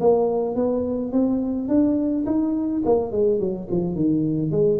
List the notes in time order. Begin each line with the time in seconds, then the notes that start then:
0.00 A#3
0.55 B3
1.12 C4
1.68 D4
2.26 D#4
2.85 A#3
3.11 G#3
3.39 F#3
3.70 F3
3.95 D#3
4.51 G#3